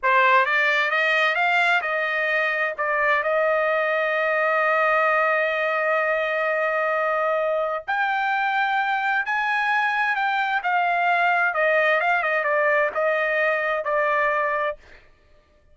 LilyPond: \new Staff \with { instrumentName = "trumpet" } { \time 4/4 \tempo 4 = 130 c''4 d''4 dis''4 f''4 | dis''2 d''4 dis''4~ | dis''1~ | dis''1~ |
dis''4 g''2. | gis''2 g''4 f''4~ | f''4 dis''4 f''8 dis''8 d''4 | dis''2 d''2 | }